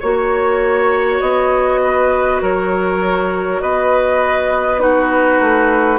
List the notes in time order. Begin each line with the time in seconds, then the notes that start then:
0.00 A#3 F#4 C#5
1.21 B3 D#5
1.83 B4
2.42 F#3 A#4 C#5
3.61 B3 B4 D#5
4.79 D#4 F#4 B4
5.41 A3